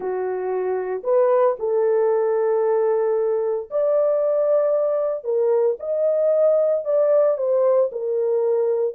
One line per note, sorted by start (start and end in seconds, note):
0.00 1.02 F#4
1.03 1.56 B4
1.59 3.69 A4
3.70 5.24 D5
5.24 5.76 A#4
5.79 6.84 D#5
6.84 7.37 D5
7.37 7.90 C5
7.91 8.94 A#4